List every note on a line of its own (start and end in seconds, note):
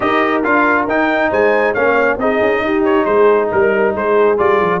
0.00 0.44 D#4
0.00 0.43 G4
0.00 1.30 A#4
0.00 0.43 D#5
0.43 0.87 D4
0.43 0.88 F4
0.43 0.87 F5
0.87 1.31 D#4
0.87 1.75 D#4
0.87 1.32 G5
1.30 1.75 G#3
1.30 1.73 C5
1.30 1.74 G#5
1.73 2.17 A#3
1.73 2.19 C#4
1.73 2.16 C#5
1.73 2.17 F5
2.17 2.39 C4
2.17 4.37 D#4
2.17 2.64 G#4
2.17 2.84 D#5
2.41 2.60 C#4
2.60 3.04 D#4
2.60 3.07 G4
2.84 3.05 C#5
3.05 3.49 G#3
3.05 3.50 G#4
3.05 3.48 C5
3.51 3.95 G3
3.51 3.93 A#4
3.51 3.95 A#4
3.93 4.39 G#3
3.93 4.80 G#4
3.93 4.38 C5
4.37 4.60 G3
4.37 4.80 F4
4.37 4.80 D5
4.60 4.80 F3